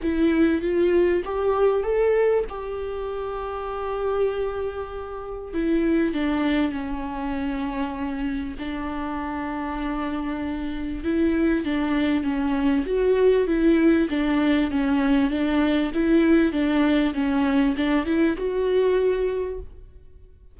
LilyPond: \new Staff \with { instrumentName = "viola" } { \time 4/4 \tempo 4 = 98 e'4 f'4 g'4 a'4 | g'1~ | g'4 e'4 d'4 cis'4~ | cis'2 d'2~ |
d'2 e'4 d'4 | cis'4 fis'4 e'4 d'4 | cis'4 d'4 e'4 d'4 | cis'4 d'8 e'8 fis'2 | }